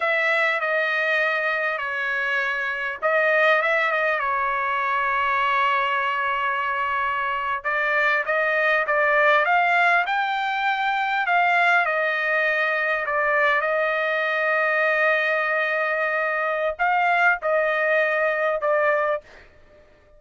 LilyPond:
\new Staff \with { instrumentName = "trumpet" } { \time 4/4 \tempo 4 = 100 e''4 dis''2 cis''4~ | cis''4 dis''4 e''8 dis''8 cis''4~ | cis''1~ | cis''8. d''4 dis''4 d''4 f''16~ |
f''8. g''2 f''4 dis''16~ | dis''4.~ dis''16 d''4 dis''4~ dis''16~ | dis''1 | f''4 dis''2 d''4 | }